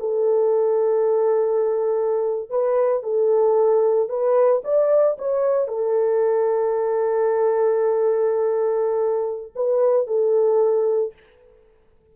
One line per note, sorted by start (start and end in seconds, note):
0.00 2.50 A4
2.50 3.03 B4
3.03 4.09 A4
4.09 4.62 B4
4.64 5.17 D5
5.19 5.68 C#5
5.68 9.53 A4
9.56 10.07 B4
10.07 11.14 A4